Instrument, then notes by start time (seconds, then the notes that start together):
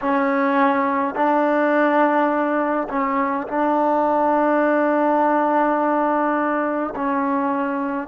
trombone
0.01 C#4
1.14 D4
2.89 C#4
3.47 D4
6.95 C#4